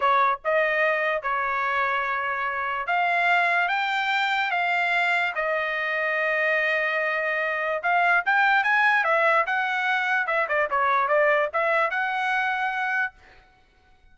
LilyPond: \new Staff \with { instrumentName = "trumpet" } { \time 4/4 \tempo 4 = 146 cis''4 dis''2 cis''4~ | cis''2. f''4~ | f''4 g''2 f''4~ | f''4 dis''2.~ |
dis''2. f''4 | g''4 gis''4 e''4 fis''4~ | fis''4 e''8 d''8 cis''4 d''4 | e''4 fis''2. | }